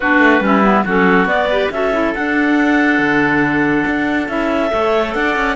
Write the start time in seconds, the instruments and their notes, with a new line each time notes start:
0.00 cello B3, clarinet D4 B4, oboe F#4
0.18 cello A3
0.40 cello G3, clarinet C#4, oboe E4
0.63 clarinet B3
0.84 cello F#3, clarinet C#4 A4, oboe F#4
1.25 cello B3, clarinet B3 D5
1.50 clarinet G4, oboe B4
1.70 cello C#4, clarinet F#4 E5, oboe A4
1.92 clarinet E4
2.14 clarinet D4 F#5, cello D4
2.98 cello D3
3.86 cello D4
4.28 cello C#4, clarinet E4 E5
4.69 cello A3, clarinet A4, oboe C#5
5.13 cello D4, oboe D5, clarinet F#5
5.36 cello C#4